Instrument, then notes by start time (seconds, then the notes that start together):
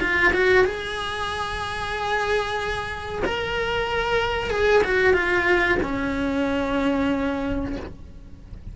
cello
0.00 F4
0.33 F#4
0.64 G#4
3.25 A#4
4.50 G#4
4.84 F#4
5.13 F4
5.82 C#4